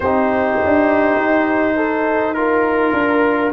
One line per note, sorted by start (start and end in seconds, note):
0.00 0.58 C4
0.00 2.35 D#4
0.00 1.76 G4
0.00 2.34 C5
0.63 1.15 D4
1.15 2.92 D#4
1.76 2.35 A4
2.34 3.52 F4
2.34 3.51 A#4
2.34 3.52 A#4
2.92 3.51 D4